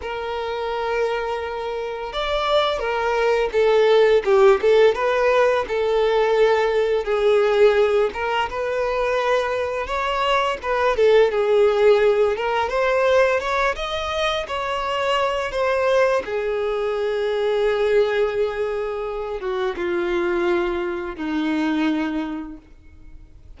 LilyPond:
\new Staff \with { instrumentName = "violin" } { \time 4/4 \tempo 4 = 85 ais'2. d''4 | ais'4 a'4 g'8 a'8 b'4 | a'2 gis'4. ais'8 | b'2 cis''4 b'8 a'8 |
gis'4. ais'8 c''4 cis''8 dis''8~ | dis''8 cis''4. c''4 gis'4~ | gis'2.~ gis'8 fis'8 | f'2 dis'2 | }